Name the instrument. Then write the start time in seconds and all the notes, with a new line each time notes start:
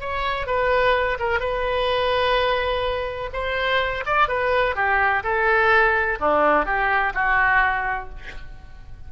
oboe
0.00 C#5
0.46 B4
1.19 A#4
1.40 B4
3.33 C5
4.06 D5
4.28 B4
4.76 G4
5.23 A4
6.20 D4
6.65 G4
7.14 F#4